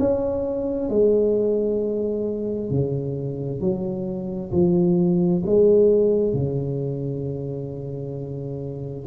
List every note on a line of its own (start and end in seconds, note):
0.00 0.90 C#4
0.90 2.71 G#3
2.71 3.61 C#3
3.61 4.52 F#3
4.52 5.43 F3
5.46 6.34 G#3
6.34 9.07 C#3